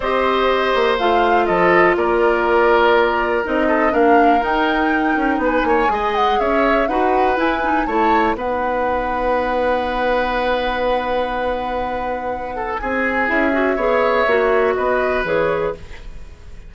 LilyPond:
<<
  \new Staff \with { instrumentName = "flute" } { \time 4/4 \tempo 4 = 122 dis''2 f''4 dis''4 | d''2. dis''4 | f''4 g''2 gis''4~ | gis''8 fis''8 e''4 fis''4 gis''4 |
a''4 fis''2.~ | fis''1~ | fis''2 gis''4 e''4~ | e''2 dis''4 cis''4 | }
  \new Staff \with { instrumentName = "oboe" } { \time 4/4 c''2. a'4 | ais'2.~ ais'8 a'8 | ais'2. b'8 cis''8 | dis''4 cis''4 b'2 |
cis''4 b'2.~ | b'1~ | b'4. a'8 gis'2 | cis''2 b'2 | }
  \new Staff \with { instrumentName = "clarinet" } { \time 4/4 g'2 f'2~ | f'2. dis'4 | d'4 dis'2. | gis'2 fis'4 e'8 dis'8 |
e'4 dis'2.~ | dis'1~ | dis'2. e'8 fis'8 | gis'4 fis'2 gis'4 | }
  \new Staff \with { instrumentName = "bassoon" } { \time 4/4 c'4. ais8 a4 f4 | ais2. c'4 | ais4 dis'4. cis'8 b8 ais8 | gis4 cis'4 dis'4 e'4 |
a4 b2.~ | b1~ | b2 c'4 cis'4 | b4 ais4 b4 e4 | }
>>